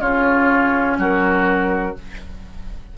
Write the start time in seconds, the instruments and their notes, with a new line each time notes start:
0.00 bassoon C#3, clarinet C#4, oboe F4, flute C#5
0.97 bassoon F#3, oboe F#4, flute A#4